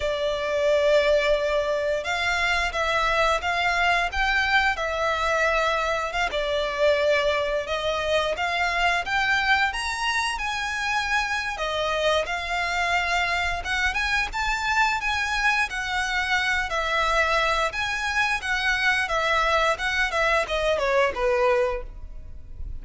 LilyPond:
\new Staff \with { instrumentName = "violin" } { \time 4/4 \tempo 4 = 88 d''2. f''4 | e''4 f''4 g''4 e''4~ | e''4 f''16 d''2 dis''8.~ | dis''16 f''4 g''4 ais''4 gis''8.~ |
gis''4 dis''4 f''2 | fis''8 gis''8 a''4 gis''4 fis''4~ | fis''8 e''4. gis''4 fis''4 | e''4 fis''8 e''8 dis''8 cis''8 b'4 | }